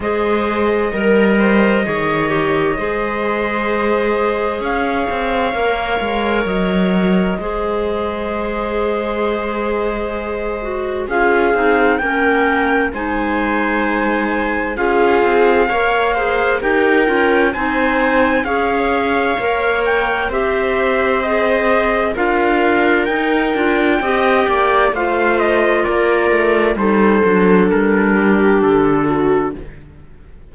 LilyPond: <<
  \new Staff \with { instrumentName = "trumpet" } { \time 4/4 \tempo 4 = 65 dis''1~ | dis''4 f''2 dis''4~ | dis''1 | f''4 g''4 gis''2 |
f''2 g''4 gis''4 | f''4. g''8 e''4 dis''4 | f''4 g''2 f''8 dis''8 | d''4 c''4 ais'4 a'4 | }
  \new Staff \with { instrumentName = "viola" } { \time 4/4 c''4 ais'8 c''8 cis''4 c''4~ | c''4 cis''2. | c''1 | gis'4 ais'4 c''2 |
gis'4 cis''8 c''8 ais'4 c''4 | cis''2 c''2 | ais'2 dis''8 d''8 c''4 | ais'4 a'4. g'4 fis'8 | }
  \new Staff \with { instrumentName = "clarinet" } { \time 4/4 gis'4 ais'4 gis'8 g'8 gis'4~ | gis'2 ais'2 | gis'2.~ gis'8 fis'8 | f'8 dis'8 cis'4 dis'2 |
f'4 ais'8 gis'8 g'8 f'8 dis'4 | gis'4 ais'4 g'4 gis'4 | f'4 dis'8 f'8 g'4 f'4~ | f'4 dis'8 d'2~ d'8 | }
  \new Staff \with { instrumentName = "cello" } { \time 4/4 gis4 g4 dis4 gis4~ | gis4 cis'8 c'8 ais8 gis8 fis4 | gis1 | cis'8 c'8 ais4 gis2 |
cis'8 c'8 ais4 dis'8 cis'8 c'4 | cis'4 ais4 c'2 | d'4 dis'8 d'8 c'8 ais8 a4 | ais8 a8 g8 fis8 g4 d4 | }
>>